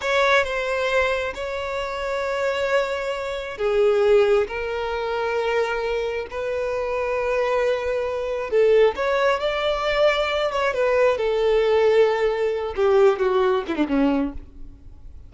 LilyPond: \new Staff \with { instrumentName = "violin" } { \time 4/4 \tempo 4 = 134 cis''4 c''2 cis''4~ | cis''1 | gis'2 ais'2~ | ais'2 b'2~ |
b'2. a'4 | cis''4 d''2~ d''8 cis''8 | b'4 a'2.~ | a'8 g'4 fis'4 e'16 d'16 cis'4 | }